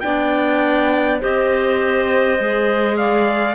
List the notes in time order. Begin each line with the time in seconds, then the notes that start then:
0.00 B3 D4 D5 G5
1.19 C4 G4 C5 D#5
2.39 G#3 G#4
2.97 D5 F5